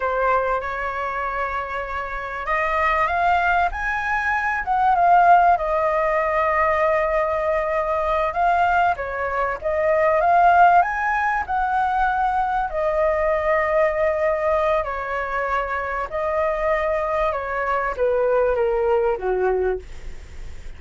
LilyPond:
\new Staff \with { instrumentName = "flute" } { \time 4/4 \tempo 4 = 97 c''4 cis''2. | dis''4 f''4 gis''4. fis''8 | f''4 dis''2.~ | dis''4. f''4 cis''4 dis''8~ |
dis''8 f''4 gis''4 fis''4.~ | fis''8 dis''2.~ dis''8 | cis''2 dis''2 | cis''4 b'4 ais'4 fis'4 | }